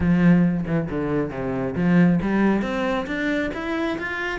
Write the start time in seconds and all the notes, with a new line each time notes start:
0.00 F3
0.66 E3
0.89 D3
1.30 C3
1.75 F3
2.21 G3
2.62 C4
3.06 D4
3.54 E4
3.98 F4